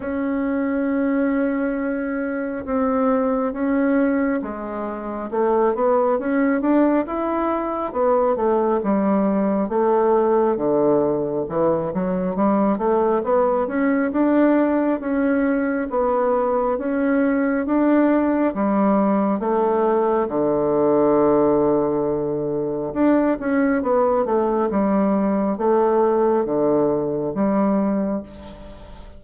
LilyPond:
\new Staff \with { instrumentName = "bassoon" } { \time 4/4 \tempo 4 = 68 cis'2. c'4 | cis'4 gis4 a8 b8 cis'8 d'8 | e'4 b8 a8 g4 a4 | d4 e8 fis8 g8 a8 b8 cis'8 |
d'4 cis'4 b4 cis'4 | d'4 g4 a4 d4~ | d2 d'8 cis'8 b8 a8 | g4 a4 d4 g4 | }